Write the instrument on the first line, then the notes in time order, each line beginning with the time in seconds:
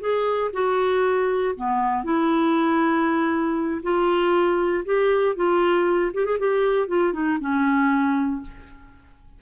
clarinet
0.00 G#4
0.53 F#4
1.56 B3
2.04 E4
3.83 F4
4.85 G4
5.36 F4
6.14 G4
6.25 G#4
6.39 G4
6.88 F4
7.13 D#4
7.40 C#4